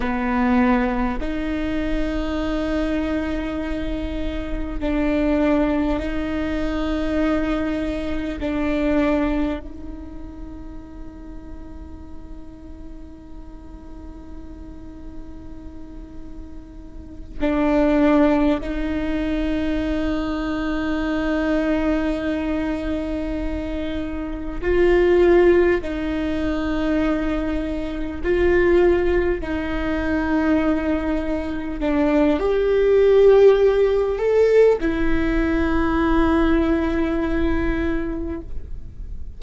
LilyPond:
\new Staff \with { instrumentName = "viola" } { \time 4/4 \tempo 4 = 50 b4 dis'2. | d'4 dis'2 d'4 | dis'1~ | dis'2~ dis'8 d'4 dis'8~ |
dis'1~ | dis'8 f'4 dis'2 f'8~ | f'8 dis'2 d'8 g'4~ | g'8 a'8 e'2. | }